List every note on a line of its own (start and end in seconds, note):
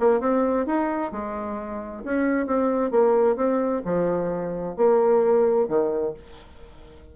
0.00 0.20 A#3
0.20 0.66 C4
0.66 1.12 D#4
1.12 2.03 G#3
2.04 2.47 C#4
2.47 2.91 C4
2.91 3.36 A#3
3.36 3.82 C4
3.85 4.76 F3
4.76 5.68 A#3
5.68 6.14 D#3